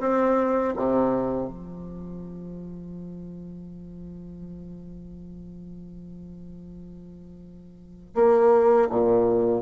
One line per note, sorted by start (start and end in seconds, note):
0.00 0.74 C4
0.77 1.48 C3
1.48 8.15 F3
8.15 8.89 A#3
8.90 9.62 A#2